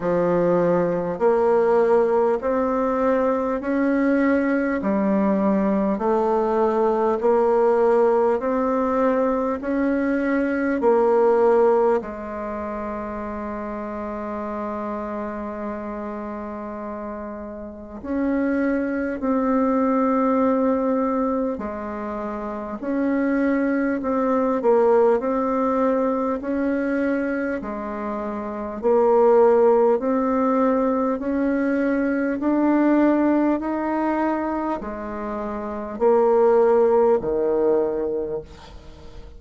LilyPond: \new Staff \with { instrumentName = "bassoon" } { \time 4/4 \tempo 4 = 50 f4 ais4 c'4 cis'4 | g4 a4 ais4 c'4 | cis'4 ais4 gis2~ | gis2. cis'4 |
c'2 gis4 cis'4 | c'8 ais8 c'4 cis'4 gis4 | ais4 c'4 cis'4 d'4 | dis'4 gis4 ais4 dis4 | }